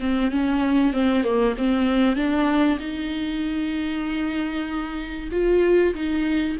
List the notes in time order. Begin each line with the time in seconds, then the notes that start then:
0.00 C4
0.31 C#4
0.93 C4
1.24 A#3
1.57 C4
2.16 D4
2.79 D#4
5.32 F4
5.94 D#4